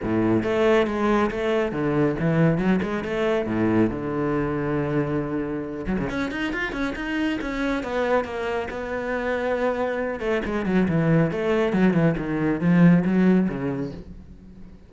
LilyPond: \new Staff \with { instrumentName = "cello" } { \time 4/4 \tempo 4 = 138 a,4 a4 gis4 a4 | d4 e4 fis8 gis8 a4 | a,4 d2.~ | d4. fis16 cis16 cis'8 dis'8 f'8 cis'8 |
dis'4 cis'4 b4 ais4 | b2.~ b8 a8 | gis8 fis8 e4 a4 fis8 e8 | dis4 f4 fis4 cis4 | }